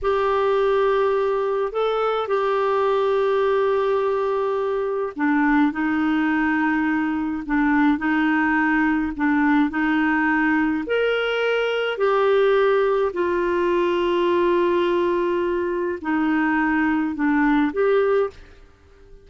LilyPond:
\new Staff \with { instrumentName = "clarinet" } { \time 4/4 \tempo 4 = 105 g'2. a'4 | g'1~ | g'4 d'4 dis'2~ | dis'4 d'4 dis'2 |
d'4 dis'2 ais'4~ | ais'4 g'2 f'4~ | f'1 | dis'2 d'4 g'4 | }